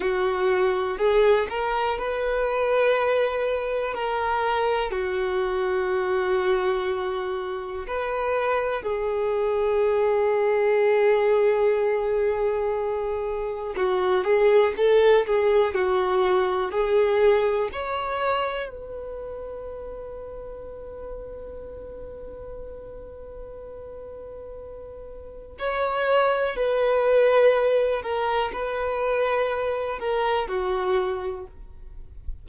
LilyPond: \new Staff \with { instrumentName = "violin" } { \time 4/4 \tempo 4 = 61 fis'4 gis'8 ais'8 b'2 | ais'4 fis'2. | b'4 gis'2.~ | gis'2 fis'8 gis'8 a'8 gis'8 |
fis'4 gis'4 cis''4 b'4~ | b'1~ | b'2 cis''4 b'4~ | b'8 ais'8 b'4. ais'8 fis'4 | }